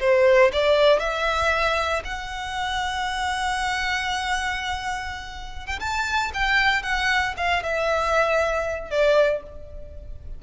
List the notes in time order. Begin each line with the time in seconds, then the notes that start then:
0.00 C5
0.53 D5
0.99 E5
2.05 F#5
5.67 G5
5.80 A5
6.34 G5
6.83 F#5
7.37 F5
7.63 E5
8.91 D5